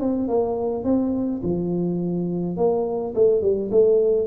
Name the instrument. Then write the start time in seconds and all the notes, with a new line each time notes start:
tuba
0.00 C4
0.28 A#3
0.84 C4
1.43 F3
2.57 A#3
3.15 A3
3.42 G3
3.71 A3